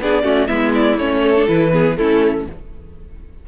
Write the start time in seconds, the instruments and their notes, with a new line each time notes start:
0.00 cello B3, viola D4, violin G#4 D5
0.24 cello A3, viola C#4, violin F#4
0.47 cello G#3, viola B3, violin E4 E5
0.75 violin D5
0.98 cello A3, viola C#4, violin C#5
1.23 violin A4
1.37 viola D4
1.48 cello E3, viola E4, violin B4
1.72 viola B3, violin G#4
1.97 cello A3, viola C#4, violin E4 A4